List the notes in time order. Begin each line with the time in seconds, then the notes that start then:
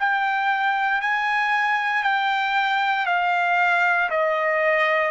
0.00 G5
1.01 G#5
2.03 G5
3.06 F5
4.10 D#5